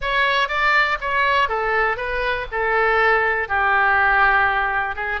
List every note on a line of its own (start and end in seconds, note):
0.01 0.48 C#5
0.48 0.98 D5
1.00 1.49 C#5
1.49 1.96 A4
1.96 2.46 B4
2.51 3.48 A4
3.48 4.95 G4
4.95 5.20 G#4